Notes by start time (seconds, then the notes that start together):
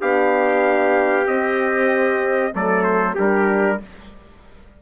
0.00 B3 D4 G4 F5
1.26 C4 D#5
2.53 F#3 A3 A4 D5
2.83 C5
3.14 G3 D4 G4 A#4